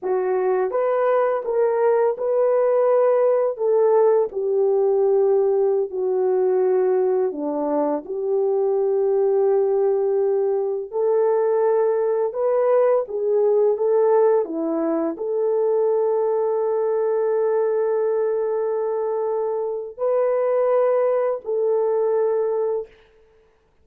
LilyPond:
\new Staff \with { instrumentName = "horn" } { \time 4/4 \tempo 4 = 84 fis'4 b'4 ais'4 b'4~ | b'4 a'4 g'2~ | g'16 fis'2 d'4 g'8.~ | g'2.~ g'16 a'8.~ |
a'4~ a'16 b'4 gis'4 a'8.~ | a'16 e'4 a'2~ a'8.~ | a'1 | b'2 a'2 | }